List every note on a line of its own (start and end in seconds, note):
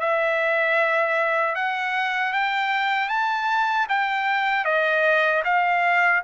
0.00 1.55 E5
1.55 2.33 F#5
2.33 3.09 G5
3.09 3.87 A5
3.89 4.65 G5
4.65 5.43 D#5
5.45 6.23 F5